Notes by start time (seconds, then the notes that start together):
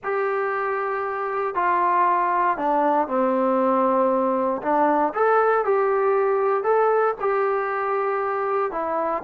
0.03 G4
1.55 F4
2.57 D4
3.07 C4
4.62 D4
5.14 A4
5.65 G4
6.63 A4
7.20 G4
8.71 E4